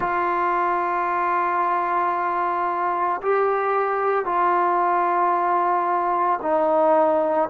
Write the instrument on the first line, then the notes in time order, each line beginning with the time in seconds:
trombone
0.00 F4
3.21 G4
4.25 F4
6.42 D#4